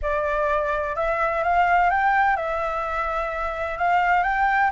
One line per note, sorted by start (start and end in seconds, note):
0.02 0.95 D5
0.95 1.43 E5
1.43 1.90 F5
1.90 2.36 G5
2.36 3.78 E5
3.78 4.23 F5
4.23 4.70 G5